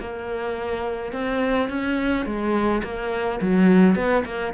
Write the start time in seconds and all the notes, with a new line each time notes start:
0.00 A#3
1.12 C4
1.69 C#4
2.25 G#3
2.83 A#3
3.41 F#3
3.95 B3
4.25 A#3